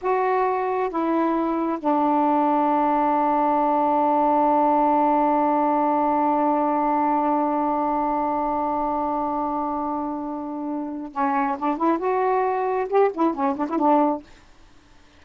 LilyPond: \new Staff \with { instrumentName = "saxophone" } { \time 4/4 \tempo 4 = 135 fis'2 e'2 | d'1~ | d'1~ | d'1~ |
d'1~ | d'1~ | d'4 cis'4 d'8 e'8 fis'4~ | fis'4 g'8 e'8 cis'8 d'16 e'16 d'4 | }